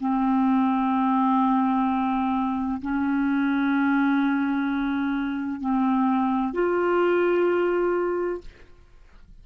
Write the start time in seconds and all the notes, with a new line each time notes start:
0.00 C4
2.82 C#4
5.61 C4
6.53 F4